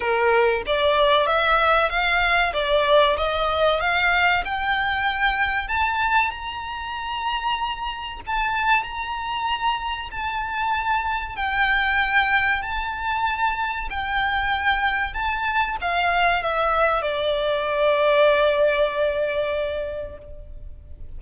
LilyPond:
\new Staff \with { instrumentName = "violin" } { \time 4/4 \tempo 4 = 95 ais'4 d''4 e''4 f''4 | d''4 dis''4 f''4 g''4~ | g''4 a''4 ais''2~ | ais''4 a''4 ais''2 |
a''2 g''2 | a''2 g''2 | a''4 f''4 e''4 d''4~ | d''1 | }